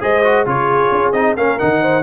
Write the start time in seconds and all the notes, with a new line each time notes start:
0.00 G#3 G#4 C5 D#5
0.23 F#4
0.45 C#3 F4 G#4 C#5
0.92 C#4
1.12 C4 D#4 D#5
1.36 A#3 C#4 A#4 F5
1.59 D#3 D#4 F#5
1.81 C5